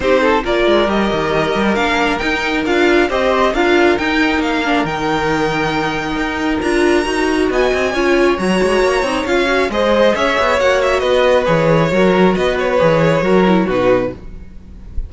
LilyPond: <<
  \new Staff \with { instrumentName = "violin" } { \time 4/4 \tempo 4 = 136 c''4 d''4 dis''2 | f''4 g''4 f''4 dis''4 | f''4 g''4 f''4 g''4~ | g''2. ais''4~ |
ais''4 gis''2 ais''4~ | ais''4 f''4 dis''4 e''4 | fis''8 e''8 dis''4 cis''2 | dis''8 cis''2~ cis''8 b'4 | }
  \new Staff \with { instrumentName = "violin" } { \time 4/4 g'8 a'8 ais'2.~ | ais'2. c''4 | ais'1~ | ais'1~ |
ais'4 dis''4 cis''2~ | cis''2 c''4 cis''4~ | cis''4 b'2 ais'4 | b'2 ais'4 fis'4 | }
  \new Staff \with { instrumentName = "viola" } { \time 4/4 dis'4 f'4 g'2 | d'4 dis'4 f'4 g'4 | f'4 dis'4. d'8 dis'4~ | dis'2. f'4 |
fis'2 f'4 fis'4~ | fis'8 dis'8 f'8 fis'8 gis'2 | fis'2 gis'4 fis'4~ | fis'4 gis'4 fis'8 e'8 dis'4 | }
  \new Staff \with { instrumentName = "cello" } { \time 4/4 c'4 ais8 gis8 g8 dis4 g8 | ais4 dis'4 d'4 c'4 | d'4 dis'4 ais4 dis4~ | dis2 dis'4 d'4 |
dis'4 b8 c'8 cis'4 fis8 gis8 | ais8 c'8 cis'4 gis4 cis'8 b8 | ais4 b4 e4 fis4 | b4 e4 fis4 b,4 | }
>>